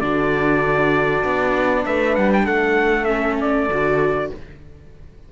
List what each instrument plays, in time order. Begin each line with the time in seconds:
0.00 cello D3, viola D4, horn F#4, trumpet D5
1.24 cello B3
1.85 cello A3, horn B4, trumpet E5
2.15 cello G3, trumpet F#5
2.33 trumpet G5
2.45 cello A3, horn A4, trumpet F#5
3.04 viola C#4, trumpet E5
3.40 trumpet D5
3.69 cello D3, viola F#4